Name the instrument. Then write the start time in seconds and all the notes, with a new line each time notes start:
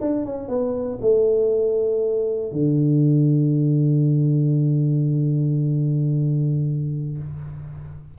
tuba
0.00 D4
0.25 C#4
0.48 B3
1.01 A3
2.52 D3